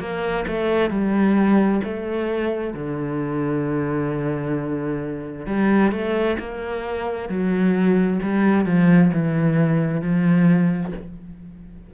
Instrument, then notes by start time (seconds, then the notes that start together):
cello
0.00 A#3
0.48 A3
0.90 G3
1.84 A3
2.74 D3
5.47 G3
5.92 A3
6.39 A#3
7.29 F#3
8.23 G3
8.66 F3
9.14 E3
10.02 F3